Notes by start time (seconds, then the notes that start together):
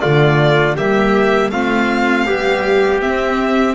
0.00 D3 A3 F4 D5
0.76 G3 A#3 G4 E5
1.50 A3 C4 F4 F5
2.26 G3 B3 G4
3.01 C4 E5